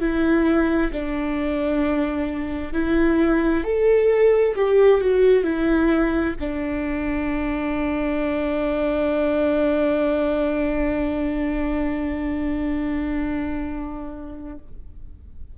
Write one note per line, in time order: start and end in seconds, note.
0.00 0.91 E4
0.92 2.73 D4
2.73 3.64 E4
3.64 4.55 A4
4.55 5.01 G4
5.01 5.44 F#4
5.44 6.35 E4
6.40 14.58 D4